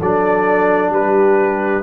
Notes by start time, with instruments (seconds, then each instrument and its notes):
0.00 tuba F#3, trombone D4, horn A4, trumpet D5
0.91 tuba G3, horn G4, trumpet B4